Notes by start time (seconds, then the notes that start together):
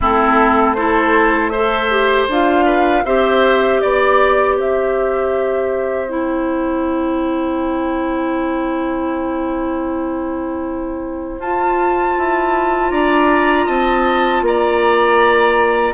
0.00 A3 C4 E4 A4
0.74 E4 A4 C5
1.49 A4 C5 E5
1.90 G4
2.28 D4 F4 F5
2.65 B4
3.04 C4 G4 C5 E5
3.81 B3 D5
4.56 C4 C5 E5
6.09 E4 G5
11.38 F4 A5
12.18 E4
12.91 D4 D5 A#5
13.66 C4 D#5 A5
14.41 A#3 D5 A#5